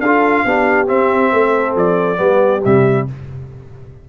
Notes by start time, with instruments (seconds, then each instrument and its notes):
0.00 tuba D4, trombone F4, horn A4, trumpet F5
0.45 tuba B3, trombone D4, horn G4
0.87 trombone C4, tuba C4, trumpet E5
1.33 tuba A3, horn A4
1.75 tuba F3, trumpet D5
2.16 tuba G3, trombone B3, horn G4
2.64 tuba C3, trombone G3, trumpet E5